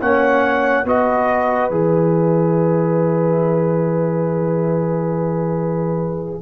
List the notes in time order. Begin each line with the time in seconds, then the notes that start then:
0.00 A#3 C#4 C#5 F#5
0.85 B3 F#4 B4 D#5
1.71 E3 G#4 E5